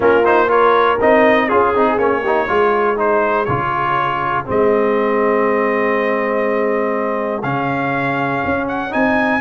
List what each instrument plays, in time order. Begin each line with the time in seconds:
0.00 tuba A#3, trombone C#4, horn F4, trumpet A#4
0.25 trombone D#4, trumpet C5
0.48 trombone F4, horn A#4, trumpet C#5
1.00 tuba C4, trombone D#4, trumpet D#5
1.48 tuba C#4, trombone F4, trumpet G#4, horn G#4
1.74 tuba C4, trombone D#4
1.98 tuba A#3, trombone C#4, trumpet C#5
2.22 trombone D#4, horn G4
2.47 tuba G#3, trombone F4, horn G#4
2.96 trombone D#4, trumpet C5
3.45 tuba C#3, trombone F4, trumpet C#5
4.45 tuba G#3, trombone C4, trumpet D#5
7.42 tuba C#3, trombone C#4, trumpet F5
8.45 tuba C#4
8.68 trumpet F#5
8.90 tuba C4, trombone D#4, trumpet G#5